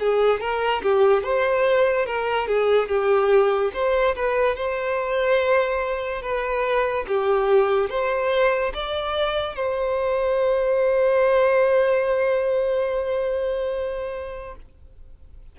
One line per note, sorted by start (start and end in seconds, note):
0.00 0.41 G#4
0.41 0.83 A#4
0.83 1.24 G4
1.24 2.07 C5
2.07 2.48 A#4
2.48 2.89 G#4
2.89 3.72 G4
3.74 4.16 C5
4.16 4.56 B4
4.56 6.23 C5
6.23 7.06 B4
7.08 7.90 G4
7.90 8.73 C5
8.75 9.56 D5
9.56 14.56 C5